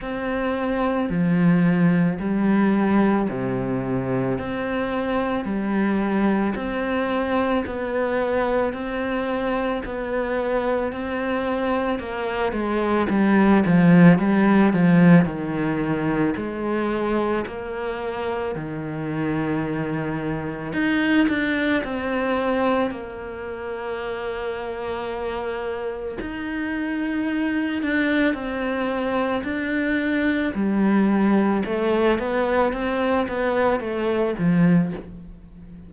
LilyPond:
\new Staff \with { instrumentName = "cello" } { \time 4/4 \tempo 4 = 55 c'4 f4 g4 c4 | c'4 g4 c'4 b4 | c'4 b4 c'4 ais8 gis8 | g8 f8 g8 f8 dis4 gis4 |
ais4 dis2 dis'8 d'8 | c'4 ais2. | dis'4. d'8 c'4 d'4 | g4 a8 b8 c'8 b8 a8 f8 | }